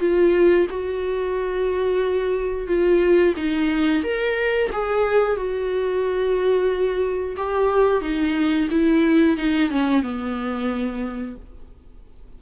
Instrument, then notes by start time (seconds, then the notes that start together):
viola
0.00 F4
0.70 F#4
2.68 F4
3.37 D#4
4.03 A#4
4.72 G#4
5.36 F#4
7.36 G4
8.02 D#4
8.71 E4
9.37 D#4
9.70 C#4
10.02 B3